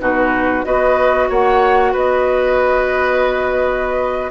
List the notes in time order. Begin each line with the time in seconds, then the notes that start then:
0.00 B2 D#4 F#4 B4
0.64 B3 F#4 B4 D#5
1.29 A#3 C#5 F#5
1.92 B3 B4 D#5